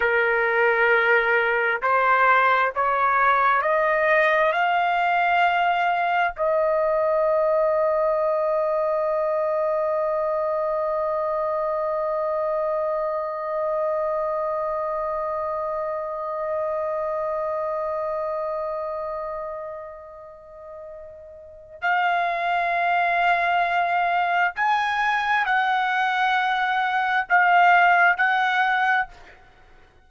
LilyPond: \new Staff \with { instrumentName = "trumpet" } { \time 4/4 \tempo 4 = 66 ais'2 c''4 cis''4 | dis''4 f''2 dis''4~ | dis''1~ | dis''1~ |
dis''1~ | dis''1 | f''2. gis''4 | fis''2 f''4 fis''4 | }